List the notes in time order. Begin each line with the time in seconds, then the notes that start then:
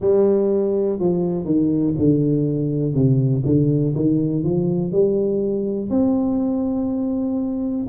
0.00 G3
0.99 F3
1.45 D#3
1.98 D3
2.94 C3
3.45 D3
3.95 D#3
4.43 F3
4.92 G3
5.90 C4